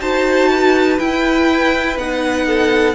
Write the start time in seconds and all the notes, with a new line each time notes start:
0.00 D#4 F#4 C5 A5
0.49 B4
0.99 E4 G5
1.97 B3 D#4 F#5
2.46 A4